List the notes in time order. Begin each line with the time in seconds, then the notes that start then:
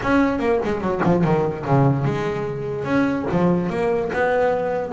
0.02 C#4
0.39 A#3
0.64 G#3
0.80 F#3
1.03 F3
1.24 D#3
1.65 C#3
2.05 G#3
2.84 C#4
3.31 F3
3.69 A#3
4.12 B3